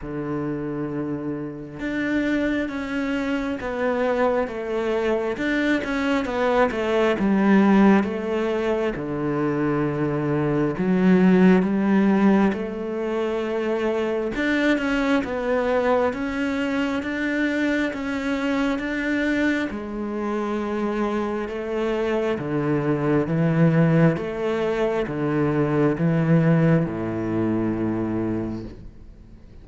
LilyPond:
\new Staff \with { instrumentName = "cello" } { \time 4/4 \tempo 4 = 67 d2 d'4 cis'4 | b4 a4 d'8 cis'8 b8 a8 | g4 a4 d2 | fis4 g4 a2 |
d'8 cis'8 b4 cis'4 d'4 | cis'4 d'4 gis2 | a4 d4 e4 a4 | d4 e4 a,2 | }